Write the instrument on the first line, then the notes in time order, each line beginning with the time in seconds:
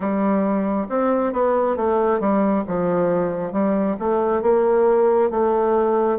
bassoon
0.00 G3
0.89 C4
1.32 B3
1.76 A3
2.19 G3
2.67 F3
3.52 G3
3.99 A3
4.42 A#3
5.30 A3